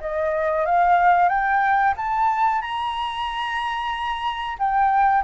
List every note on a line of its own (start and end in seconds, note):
0.00 0.65 D#5
0.65 1.29 F5
1.29 1.94 G5
1.97 2.61 A5
2.61 4.57 A#5
4.59 5.24 G5